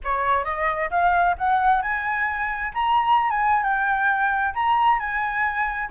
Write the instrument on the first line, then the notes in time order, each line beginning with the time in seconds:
flute
0.04 C#5
0.44 D#5
0.90 F5
1.38 F#5
1.81 G#5
2.74 A#5
3.30 G#5
3.63 G5
4.54 A#5
4.99 G#5